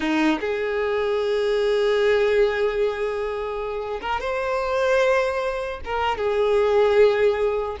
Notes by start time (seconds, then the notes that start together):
0.00 D#4
0.40 G#4
4.01 A#4
4.20 C5
5.85 A#4
6.17 G#4